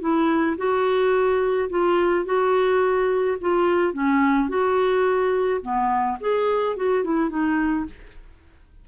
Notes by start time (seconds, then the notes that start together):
0.00 E4
0.57 F#4
1.69 F4
2.25 F#4
3.41 F4
3.93 C#4
4.49 F#4
5.62 B3
6.20 G#4
6.76 F#4
7.04 E4
7.29 D#4